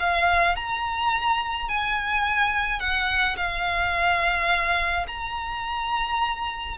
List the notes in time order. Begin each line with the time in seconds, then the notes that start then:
0.00 F5
0.56 A#5
1.69 G#5
2.80 F#5
3.37 F5
5.08 A#5